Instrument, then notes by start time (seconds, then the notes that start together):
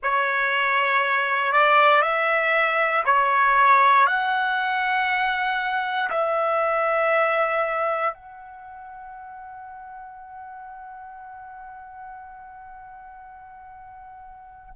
trumpet
0.02 C#5
1.52 D5
2.02 E5
3.05 C#5
4.06 F#5
6.10 E5
8.13 F#5